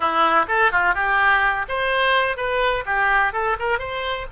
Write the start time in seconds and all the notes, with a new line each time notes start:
0.00 E4
0.48 A4
0.71 F4
0.94 G4
1.68 C5
2.36 B4
2.85 G4
3.32 A4
3.59 A#4
3.79 C5